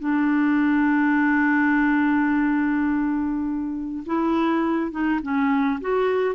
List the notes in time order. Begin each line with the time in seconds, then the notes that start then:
0.00 D4
4.06 E4
4.91 D#4
5.23 C#4
5.81 F#4